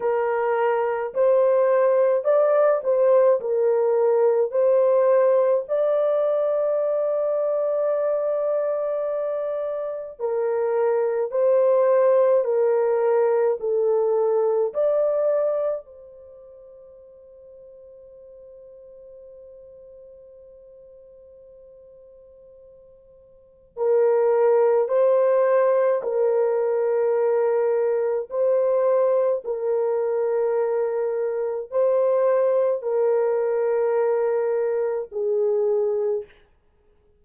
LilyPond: \new Staff \with { instrumentName = "horn" } { \time 4/4 \tempo 4 = 53 ais'4 c''4 d''8 c''8 ais'4 | c''4 d''2.~ | d''4 ais'4 c''4 ais'4 | a'4 d''4 c''2~ |
c''1~ | c''4 ais'4 c''4 ais'4~ | ais'4 c''4 ais'2 | c''4 ais'2 gis'4 | }